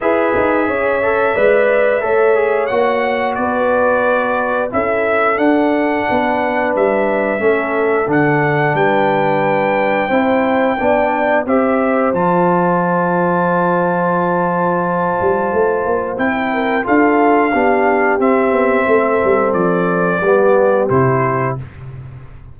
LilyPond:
<<
  \new Staff \with { instrumentName = "trumpet" } { \time 4/4 \tempo 4 = 89 e''1 | fis''4 d''2 e''4 | fis''2 e''2 | fis''4 g''2.~ |
g''4 e''4 a''2~ | a''1 | g''4 f''2 e''4~ | e''4 d''2 c''4 | }
  \new Staff \with { instrumentName = "horn" } { \time 4/4 b'4 cis''4 d''4 cis''4~ | cis''4 b'2 a'4~ | a'4 b'2 a'4~ | a'4 b'2 c''4 |
d''4 c''2.~ | c''1~ | c''8 ais'8 a'4 g'2 | a'2 g'2 | }
  \new Staff \with { instrumentName = "trombone" } { \time 4/4 gis'4. a'8 b'4 a'8 gis'8 | fis'2. e'4 | d'2. cis'4 | d'2. e'4 |
d'4 g'4 f'2~ | f'1 | e'4 f'4 d'4 c'4~ | c'2 b4 e'4 | }
  \new Staff \with { instrumentName = "tuba" } { \time 4/4 e'8 dis'8 cis'4 gis4 a4 | ais4 b2 cis'4 | d'4 b4 g4 a4 | d4 g2 c'4 |
b4 c'4 f2~ | f2~ f8 g8 a8 ais8 | c'4 d'4 b4 c'8 b8 | a8 g8 f4 g4 c4 | }
>>